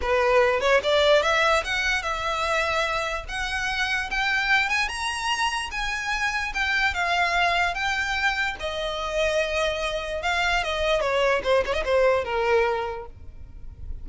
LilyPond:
\new Staff \with { instrumentName = "violin" } { \time 4/4 \tempo 4 = 147 b'4. cis''8 d''4 e''4 | fis''4 e''2. | fis''2 g''4. gis''8 | ais''2 gis''2 |
g''4 f''2 g''4~ | g''4 dis''2.~ | dis''4 f''4 dis''4 cis''4 | c''8 cis''16 dis''16 c''4 ais'2 | }